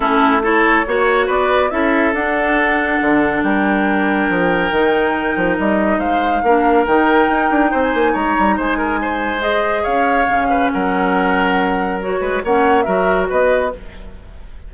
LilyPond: <<
  \new Staff \with { instrumentName = "flute" } { \time 4/4 \tempo 4 = 140 a'4 cis''2 d''4 | e''4 fis''2. | g''1~ | g''4 dis''4 f''2 |
g''2~ g''16 gis''8. ais''4 | gis''2 dis''4 f''4~ | f''4 fis''2. | cis''4 fis''4 e''4 dis''4 | }
  \new Staff \with { instrumentName = "oboe" } { \time 4/4 e'4 a'4 cis''4 b'4 | a'1 | ais'1~ | ais'2 c''4 ais'4~ |
ais'2 c''4 cis''4 | c''8 ais'8 c''2 cis''4~ | cis''8 b'8 ais'2.~ | ais'8 b'8 cis''4 ais'4 b'4 | }
  \new Staff \with { instrumentName = "clarinet" } { \time 4/4 cis'4 e'4 fis'2 | e'4 d'2.~ | d'2. dis'4~ | dis'2. d'4 |
dis'1~ | dis'2 gis'2 | cis'1 | fis'4 cis'4 fis'2 | }
  \new Staff \with { instrumentName = "bassoon" } { \time 4/4 a2 ais4 b4 | cis'4 d'2 d4 | g2 f4 dis4~ | dis8 f8 g4 gis4 ais4 |
dis4 dis'8 d'8 c'8 ais8 gis8 g8 | gis2. cis'4 | cis4 fis2.~ | fis8 gis8 ais4 fis4 b4 | }
>>